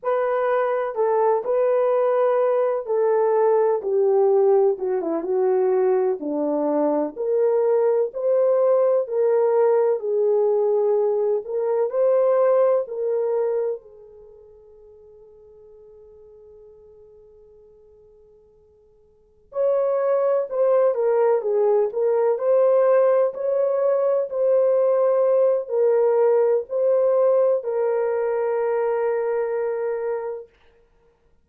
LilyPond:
\new Staff \with { instrumentName = "horn" } { \time 4/4 \tempo 4 = 63 b'4 a'8 b'4. a'4 | g'4 fis'16 e'16 fis'4 d'4 ais'8~ | ais'8 c''4 ais'4 gis'4. | ais'8 c''4 ais'4 gis'4.~ |
gis'1~ | gis'8 cis''4 c''8 ais'8 gis'8 ais'8 c''8~ | c''8 cis''4 c''4. ais'4 | c''4 ais'2. | }